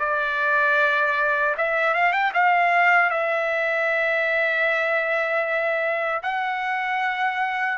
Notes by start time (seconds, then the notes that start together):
0.00 D5
1.58 E5
1.94 F5
2.13 G5
2.34 F5
3.11 E5
6.23 F#5